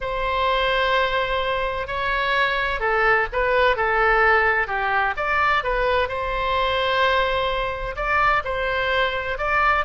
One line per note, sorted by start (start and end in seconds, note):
0.01 1.87 C5
1.87 2.80 C#5
2.80 3.27 A4
3.32 3.76 B4
3.76 4.67 A4
4.67 5.14 G4
5.16 5.63 D5
5.63 6.08 B4
6.08 7.95 C5
7.96 8.42 D5
8.44 9.37 C5
9.38 9.85 D5